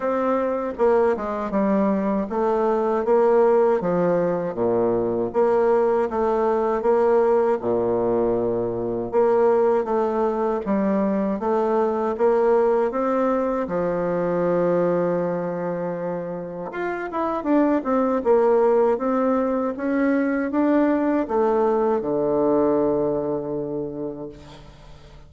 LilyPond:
\new Staff \with { instrumentName = "bassoon" } { \time 4/4 \tempo 4 = 79 c'4 ais8 gis8 g4 a4 | ais4 f4 ais,4 ais4 | a4 ais4 ais,2 | ais4 a4 g4 a4 |
ais4 c'4 f2~ | f2 f'8 e'8 d'8 c'8 | ais4 c'4 cis'4 d'4 | a4 d2. | }